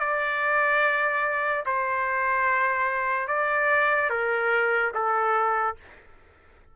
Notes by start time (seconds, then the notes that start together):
0.00 D5
1.66 C5
3.28 D5
4.10 A#4
4.94 A4